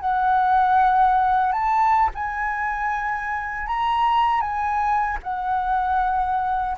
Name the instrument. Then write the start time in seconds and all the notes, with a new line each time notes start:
flute
0.00 F#5
1.52 A5
2.14 G#5
3.66 A#5
4.41 G#5
5.23 F#5